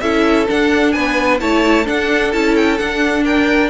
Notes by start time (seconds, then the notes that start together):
0.00 C#4 E4 A4 E5
0.47 D4 F#5
0.92 B3 B4 G#5
1.39 A3 E4 C#5 A5
1.85 D4 A4 F#5
2.32 C#4 E4 A5
2.56 G5
2.78 D4 F#5
3.24 A#4 G5